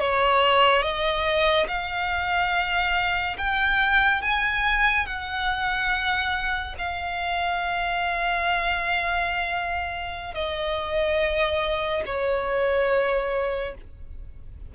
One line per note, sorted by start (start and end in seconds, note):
0.00 0.83 C#5
0.83 1.67 D#5
1.68 3.37 F5
3.38 4.22 G5
4.22 5.07 G#5
5.07 6.76 F#5
6.78 10.34 F5
10.34 12.03 D#5
12.06 13.75 C#5